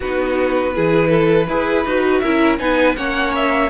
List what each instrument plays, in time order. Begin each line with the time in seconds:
0.00 cello B3, viola D#4, violin F#4 B4
0.74 cello E3, viola E4, violin G#4
1.09 violin A4
1.47 cello E4, viola G#4, violin B4
1.85 cello D#4, viola F#4
2.19 cello C#4, viola E4, violin A#4 E5
2.58 cello B3, viola D#4, violin B4 G#5
2.96 cello A#3, viola C#4, violin C#5 F#5
3.35 violin E5